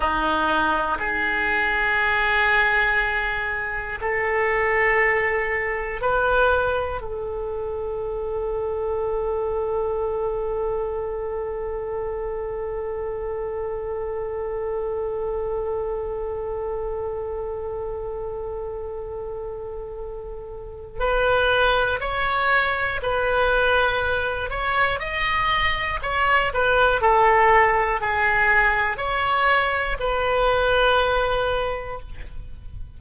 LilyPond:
\new Staff \with { instrumentName = "oboe" } { \time 4/4 \tempo 4 = 60 dis'4 gis'2. | a'2 b'4 a'4~ | a'1~ | a'1~ |
a'1~ | a'4 b'4 cis''4 b'4~ | b'8 cis''8 dis''4 cis''8 b'8 a'4 | gis'4 cis''4 b'2 | }